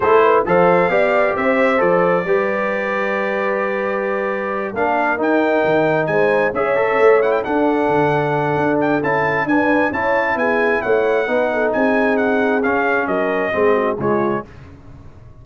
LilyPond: <<
  \new Staff \with { instrumentName = "trumpet" } { \time 4/4 \tempo 4 = 133 c''4 f''2 e''4 | d''1~ | d''2~ d''8 f''4 g''8~ | g''4. gis''4 e''4. |
fis''16 g''16 fis''2. g''8 | a''4 gis''4 a''4 gis''4 | fis''2 gis''4 fis''4 | f''4 dis''2 cis''4 | }
  \new Staff \with { instrumentName = "horn" } { \time 4/4 a'8 b'8 c''4 d''4 c''4~ | c''4 b'2.~ | b'2~ b'8 ais'4.~ | ais'4. c''4 cis''4.~ |
cis''8 a'2.~ a'8~ | a'4 b'4 cis''4 gis'4 | cis''4 b'8 a'8 gis'2~ | gis'4 ais'4 gis'8 fis'8 f'4 | }
  \new Staff \with { instrumentName = "trombone" } { \time 4/4 e'4 a'4 g'2 | a'4 g'2.~ | g'2~ g'8 d'4 dis'8~ | dis'2~ dis'8 gis'8 a'4 |
e'8 d'2.~ d'8 | e'4 d'4 e'2~ | e'4 dis'2. | cis'2 c'4 gis4 | }
  \new Staff \with { instrumentName = "tuba" } { \time 4/4 a4 f4 b4 c'4 | f4 g2.~ | g2~ g8 ais4 dis'8~ | dis'8 dis4 gis4 cis'4 a8~ |
a8 d'4 d4. d'4 | cis'4 d'4 cis'4 b4 | a4 b4 c'2 | cis'4 fis4 gis4 cis4 | }
>>